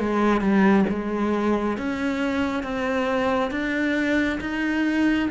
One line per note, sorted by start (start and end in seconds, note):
0.00 0.41 G#3
0.41 0.85 G3
0.89 1.78 G#3
1.78 2.63 C#4
2.63 3.51 C4
3.51 4.39 D4
4.41 5.29 D#4